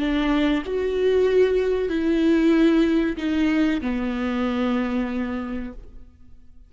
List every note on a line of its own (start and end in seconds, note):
0.00 0.64 D4
0.66 1.89 F#4
1.89 3.17 E4
3.18 3.82 D#4
3.82 5.73 B3